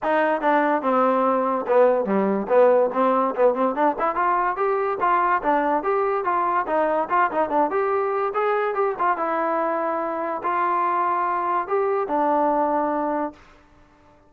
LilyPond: \new Staff \with { instrumentName = "trombone" } { \time 4/4 \tempo 4 = 144 dis'4 d'4 c'2 | b4 g4 b4 c'4 | b8 c'8 d'8 e'8 f'4 g'4 | f'4 d'4 g'4 f'4 |
dis'4 f'8 dis'8 d'8 g'4. | gis'4 g'8 f'8 e'2~ | e'4 f'2. | g'4 d'2. | }